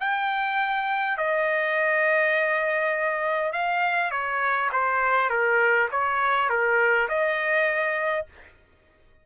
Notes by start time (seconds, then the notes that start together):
0.00 G5
1.17 D#5
3.53 F5
4.11 C#5
4.72 C5
5.30 A#4
5.91 C#5
6.49 A#4
7.09 D#5